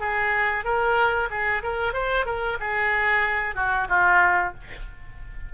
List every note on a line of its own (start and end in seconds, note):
0.00 0.64 G#4
0.64 1.29 A#4
1.30 1.62 G#4
1.63 1.93 A#4
1.93 2.26 C5
2.26 2.57 A#4
2.60 3.55 G#4
3.55 3.87 F#4
3.89 4.53 F4